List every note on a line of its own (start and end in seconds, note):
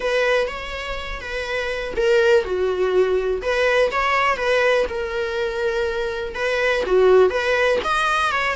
0.00 0.47 B4
0.47 1.20 C#5
1.20 1.94 B4
1.96 2.44 A#4
2.44 3.41 F#4
3.41 3.90 B4
3.91 4.37 C#5
4.37 4.85 B4
4.88 6.34 A#4
6.34 6.83 B4
6.85 7.30 F#4
7.30 7.78 B4
7.83 8.31 D#5
8.31 8.55 C#5